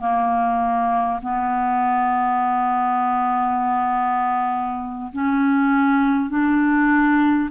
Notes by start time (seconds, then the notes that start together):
0.00 A#3
1.22 B3
5.13 C#4
6.29 D4